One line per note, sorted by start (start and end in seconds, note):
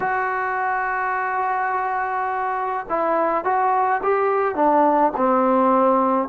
0.00 2.86 F#4
2.89 3.44 E4
3.44 4.01 F#4
4.03 4.55 G4
4.55 5.12 D4
5.16 6.28 C4